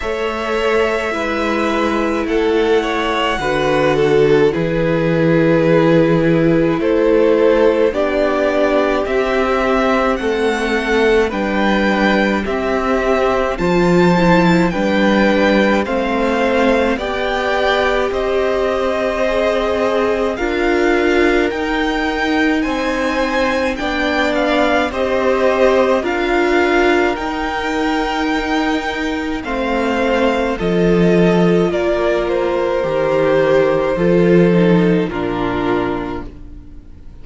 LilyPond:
<<
  \new Staff \with { instrumentName = "violin" } { \time 4/4 \tempo 4 = 53 e''2 fis''2 | b'2 c''4 d''4 | e''4 fis''4 g''4 e''4 | a''4 g''4 f''4 g''4 |
dis''2 f''4 g''4 | gis''4 g''8 f''8 dis''4 f''4 | g''2 f''4 dis''4 | d''8 c''2~ c''8 ais'4 | }
  \new Staff \with { instrumentName = "violin" } { \time 4/4 cis''4 b'4 a'8 cis''8 b'8 a'8 | gis'2 a'4 g'4~ | g'4 a'4 b'4 g'4 | c''4 b'4 c''4 d''4 |
c''2 ais'2 | c''4 d''4 c''4 ais'4~ | ais'2 c''4 a'4 | ais'2 a'4 f'4 | }
  \new Staff \with { instrumentName = "viola" } { \time 4/4 a'4 e'2 fis'4 | e'2. d'4 | c'2 d'4 c'4 | f'8 e'8 d'4 c'4 g'4~ |
g'4 gis'4 f'4 dis'4~ | dis'4 d'4 g'4 f'4 | dis'2 c'4 f'4~ | f'4 g'4 f'8 dis'8 d'4 | }
  \new Staff \with { instrumentName = "cello" } { \time 4/4 a4 gis4 a4 d4 | e2 a4 b4 | c'4 a4 g4 c'4 | f4 g4 a4 b4 |
c'2 d'4 dis'4 | c'4 b4 c'4 d'4 | dis'2 a4 f4 | ais4 dis4 f4 ais,4 | }
>>